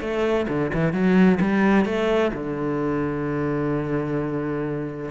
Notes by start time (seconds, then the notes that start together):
0.00 A3
0.48 D3
0.73 E3
0.92 F#3
1.40 G3
1.85 A3
2.33 D3